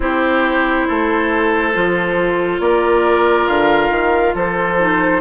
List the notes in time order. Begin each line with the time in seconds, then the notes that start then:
0.00 C4 E4 G4 C5
0.87 A3 A4
1.73 F3 F4
2.59 A#3 A#4 D5
3.47 D3 F5
3.89 D#3
4.34 F3 A4 C5
4.78 D#4